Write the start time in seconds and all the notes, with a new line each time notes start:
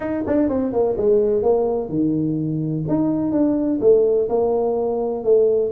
0.00 D#4
0.26 D4
0.48 C4
0.72 A#3
0.97 G#3
1.42 A#3
1.89 D#3
2.88 D#4
3.32 D4
3.80 A3
4.29 A#3
5.23 A3